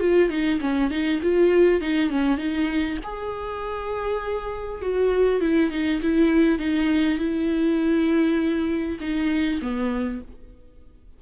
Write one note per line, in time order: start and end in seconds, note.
0.00 0.29 F4
0.29 0.59 D#4
0.60 0.90 C#4
0.90 1.20 D#4
1.22 1.81 F4
1.81 2.10 D#4
2.10 2.37 C#4
2.37 2.97 D#4
3.03 4.81 G#4
4.81 5.41 F#4
5.41 5.71 E4
5.71 6.01 D#4
6.02 6.59 E4
6.59 7.18 D#4
7.18 8.98 E4
9.00 9.60 D#4
9.62 10.22 B3